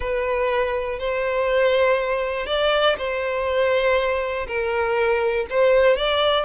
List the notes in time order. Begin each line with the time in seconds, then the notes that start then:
0.00 B4
0.99 C5
2.46 D5
2.98 C5
4.47 A#4
5.50 C5
5.96 D5